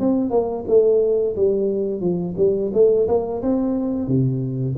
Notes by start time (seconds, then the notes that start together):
0.00 C4
0.30 A#3
0.67 A3
1.36 G3
2.01 F3
2.37 G3
2.73 A3
3.08 A#3
3.42 C4
4.08 C3